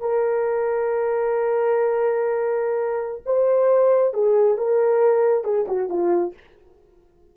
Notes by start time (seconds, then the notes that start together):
0.00 A#4
3.26 C5
4.14 G#4
4.58 A#4
5.44 G#4
5.68 F#4
5.89 F4